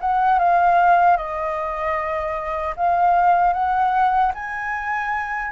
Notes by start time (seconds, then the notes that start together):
0.00 F#5
0.38 F5
1.17 D#5
2.76 F5
3.53 F#5
4.34 G#5